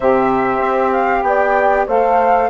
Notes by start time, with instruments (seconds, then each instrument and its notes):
0.00 bassoon C3, saxophone G4, horn C5, flute E5
0.60 bassoon C4
0.92 flute F5
1.22 bassoon B3, horn D5, flute G5
1.87 bassoon A3, saxophone A4, horn C5, flute F5